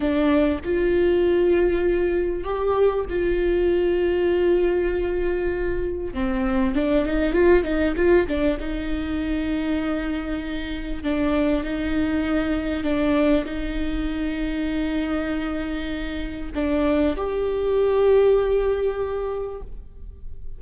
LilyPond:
\new Staff \with { instrumentName = "viola" } { \time 4/4 \tempo 4 = 98 d'4 f'2. | g'4 f'2.~ | f'2 c'4 d'8 dis'8 | f'8 dis'8 f'8 d'8 dis'2~ |
dis'2 d'4 dis'4~ | dis'4 d'4 dis'2~ | dis'2. d'4 | g'1 | }